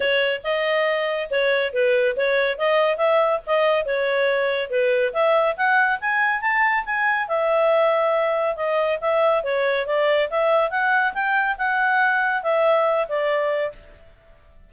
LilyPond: \new Staff \with { instrumentName = "clarinet" } { \time 4/4 \tempo 4 = 140 cis''4 dis''2 cis''4 | b'4 cis''4 dis''4 e''4 | dis''4 cis''2 b'4 | e''4 fis''4 gis''4 a''4 |
gis''4 e''2. | dis''4 e''4 cis''4 d''4 | e''4 fis''4 g''4 fis''4~ | fis''4 e''4. d''4. | }